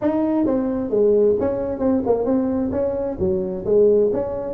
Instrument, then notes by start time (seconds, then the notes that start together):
tuba
0.01 D#4
0.45 C4
0.90 G#3
1.39 C#4
1.79 C4
2.06 A#3
2.25 C4
2.71 C#4
3.19 F#3
3.65 G#3
4.12 C#4